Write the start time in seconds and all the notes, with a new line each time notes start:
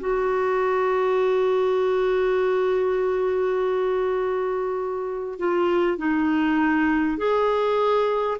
0.00 F#4
5.39 F4
5.98 D#4
7.18 G#4